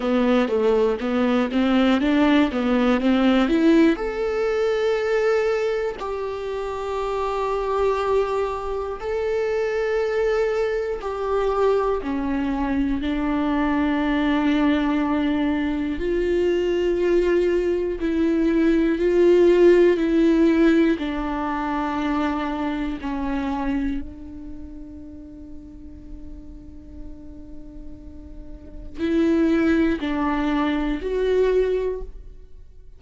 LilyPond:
\new Staff \with { instrumentName = "viola" } { \time 4/4 \tempo 4 = 60 b8 a8 b8 c'8 d'8 b8 c'8 e'8 | a'2 g'2~ | g'4 a'2 g'4 | cis'4 d'2. |
f'2 e'4 f'4 | e'4 d'2 cis'4 | d'1~ | d'4 e'4 d'4 fis'4 | }